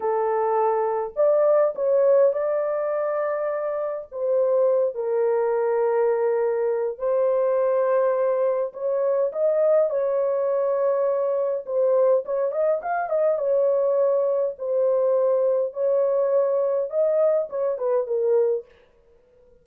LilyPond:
\new Staff \with { instrumentName = "horn" } { \time 4/4 \tempo 4 = 103 a'2 d''4 cis''4 | d''2. c''4~ | c''8 ais'2.~ ais'8 | c''2. cis''4 |
dis''4 cis''2. | c''4 cis''8 dis''8 f''8 dis''8 cis''4~ | cis''4 c''2 cis''4~ | cis''4 dis''4 cis''8 b'8 ais'4 | }